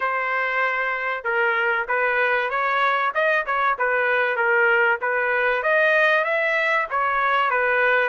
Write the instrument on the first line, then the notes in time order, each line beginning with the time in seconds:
trumpet
0.00 C5
1.23 A#4
1.88 B4
2.50 C#5
3.14 D#5
3.46 C#5
3.78 B4
4.36 A#4
5.01 B4
5.62 D#5
6.24 E5
6.90 C#5
7.50 B4